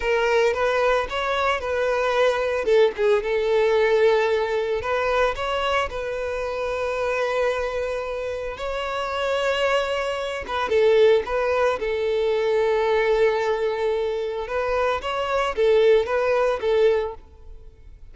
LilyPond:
\new Staff \with { instrumentName = "violin" } { \time 4/4 \tempo 4 = 112 ais'4 b'4 cis''4 b'4~ | b'4 a'8 gis'8 a'2~ | a'4 b'4 cis''4 b'4~ | b'1 |
cis''2.~ cis''8 b'8 | a'4 b'4 a'2~ | a'2. b'4 | cis''4 a'4 b'4 a'4 | }